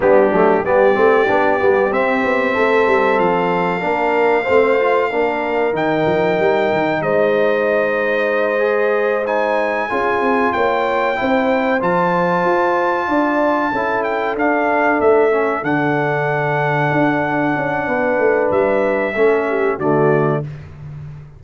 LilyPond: <<
  \new Staff \with { instrumentName = "trumpet" } { \time 4/4 \tempo 4 = 94 g'4 d''2 e''4~ | e''4 f''2.~ | f''4 g''2 dis''4~ | dis''2~ dis''8 gis''4.~ |
gis''8 g''2 a''4.~ | a''2 g''8 f''4 e''8~ | e''8 fis''2.~ fis''8~ | fis''4 e''2 d''4 | }
  \new Staff \with { instrumentName = "horn" } { \time 4/4 d'4 g'2. | a'2 ais'4 c''4 | ais'2. c''4~ | c''2.~ c''8 gis'8~ |
gis'8 cis''4 c''2~ c''8~ | c''8 d''4 a'2~ a'8~ | a'1 | b'2 a'8 g'8 fis'4 | }
  \new Staff \with { instrumentName = "trombone" } { \time 4/4 b8 a8 b8 c'8 d'8 b8 c'4~ | c'2 d'4 c'8 f'8 | d'4 dis'2.~ | dis'4. gis'4 dis'4 f'8~ |
f'4. e'4 f'4.~ | f'4. e'4 d'4. | cis'8 d'2.~ d'8~ | d'2 cis'4 a4 | }
  \new Staff \with { instrumentName = "tuba" } { \time 4/4 g8 fis8 g8 a8 b8 g8 c'8 b8 | a8 g8 f4 ais4 a4 | ais4 dis8 f8 g8 dis8 gis4~ | gis2.~ gis8 cis'8 |
c'8 ais4 c'4 f4 f'8~ | f'8 d'4 cis'4 d'4 a8~ | a8 d2 d'4 cis'8 | b8 a8 g4 a4 d4 | }
>>